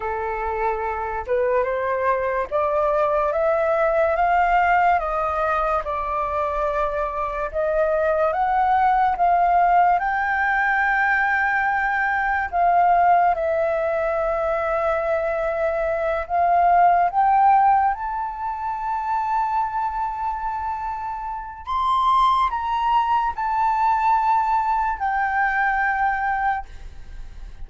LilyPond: \new Staff \with { instrumentName = "flute" } { \time 4/4 \tempo 4 = 72 a'4. b'8 c''4 d''4 | e''4 f''4 dis''4 d''4~ | d''4 dis''4 fis''4 f''4 | g''2. f''4 |
e''2.~ e''8 f''8~ | f''8 g''4 a''2~ a''8~ | a''2 c'''4 ais''4 | a''2 g''2 | }